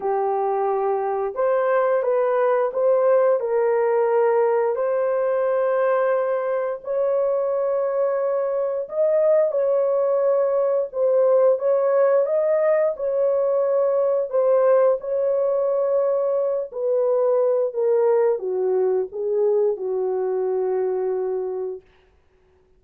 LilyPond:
\new Staff \with { instrumentName = "horn" } { \time 4/4 \tempo 4 = 88 g'2 c''4 b'4 | c''4 ais'2 c''4~ | c''2 cis''2~ | cis''4 dis''4 cis''2 |
c''4 cis''4 dis''4 cis''4~ | cis''4 c''4 cis''2~ | cis''8 b'4. ais'4 fis'4 | gis'4 fis'2. | }